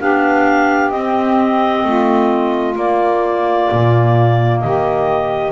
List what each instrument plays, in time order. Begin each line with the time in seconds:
0.00 double bass B3, clarinet D4 F5, saxophone G4
0.91 double bass C4, clarinet C4 D#5
1.84 double bass A3, saxophone F4
2.75 clarinet A#3 D5, double bass A#3
3.72 double bass A#2
4.60 double bass D#3, saxophone G4, clarinet D#5